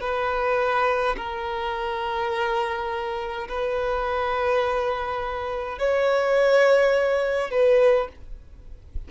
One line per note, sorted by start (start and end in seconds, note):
0.00 1.15 B4
1.16 3.47 A#4
3.48 5.78 B4
5.78 7.50 C#5
7.50 8.08 B4